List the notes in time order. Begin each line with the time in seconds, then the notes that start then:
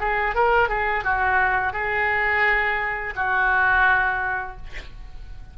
0.00 G#4
0.34 A#4
0.69 G#4
1.04 F#4
1.72 G#4
3.15 F#4